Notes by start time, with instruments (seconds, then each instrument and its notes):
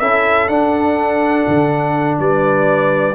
0.00 tuba C#4, trombone E4, horn A4, trumpet E5
0.48 tuba D4, trombone D4, trumpet F#5
1.48 tuba D3
2.19 tuba G3, horn B4, trumpet D5